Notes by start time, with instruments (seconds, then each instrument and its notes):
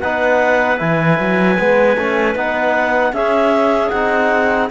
0.00 cello B3, trombone D#4, clarinet B4 F#5
0.77 cello E3, trombone E4, clarinet G#5
1.19 cello F#3
1.58 cello G#3, trombone B3
1.97 cello A3, trombone C#4
2.34 cello B3, trombone D#4, clarinet F#5
3.12 cello C#4, trombone C#4, clarinet G#4 E5
3.89 cello C4, trombone D#4, clarinet F#5